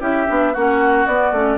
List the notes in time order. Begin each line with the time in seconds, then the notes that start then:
0.00 C#4 E4 G4 E5
0.27 B3 D4
0.53 A#3 C#4 F#4 F#5
1.06 B3 D5
1.32 A3 C#4